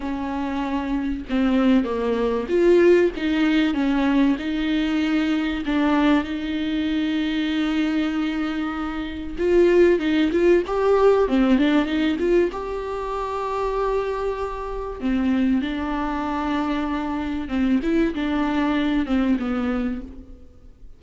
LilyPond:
\new Staff \with { instrumentName = "viola" } { \time 4/4 \tempo 4 = 96 cis'2 c'4 ais4 | f'4 dis'4 cis'4 dis'4~ | dis'4 d'4 dis'2~ | dis'2. f'4 |
dis'8 f'8 g'4 c'8 d'8 dis'8 f'8 | g'1 | c'4 d'2. | c'8 e'8 d'4. c'8 b4 | }